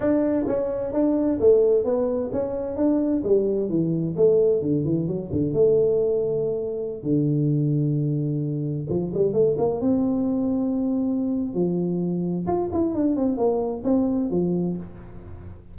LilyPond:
\new Staff \with { instrumentName = "tuba" } { \time 4/4 \tempo 4 = 130 d'4 cis'4 d'4 a4 | b4 cis'4 d'4 g4 | e4 a4 d8 e8 fis8 d8 | a2.~ a16 d8.~ |
d2.~ d16 f8 g16~ | g16 a8 ais8 c'2~ c'8.~ | c'4 f2 f'8 e'8 | d'8 c'8 ais4 c'4 f4 | }